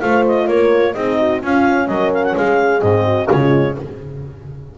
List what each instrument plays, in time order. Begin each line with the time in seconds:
0.00 double bass A3, horn F4 C5, clarinet F5
0.27 clarinet D#5
0.46 double bass A#3, horn A#4, clarinet C#5
0.93 double bass C4, horn D#4 G#4, clarinet D#5
1.18 horn F#4
1.42 horn C#4 F4, double bass C#4, clarinet F5
1.87 double bass F#3, horn A#4, clarinet D#5
2.14 clarinet F5
2.24 clarinet F#5
2.37 double bass G#3, horn G#4, clarinet F5
2.81 double bass G#2, horn C4, clarinet D#5
3.05 horn F#4
3.29 double bass C#3, horn G#3 F4, clarinet C#5